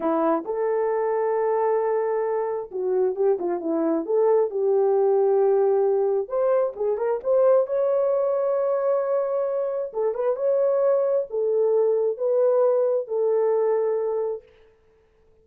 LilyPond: \new Staff \with { instrumentName = "horn" } { \time 4/4 \tempo 4 = 133 e'4 a'2.~ | a'2 fis'4 g'8 f'8 | e'4 a'4 g'2~ | g'2 c''4 gis'8 ais'8 |
c''4 cis''2.~ | cis''2 a'8 b'8 cis''4~ | cis''4 a'2 b'4~ | b'4 a'2. | }